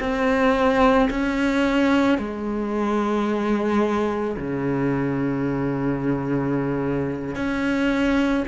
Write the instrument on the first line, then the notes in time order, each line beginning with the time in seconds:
cello
0.00 C4
1.10 C#4
2.18 G#3
4.37 C#3
7.36 C#4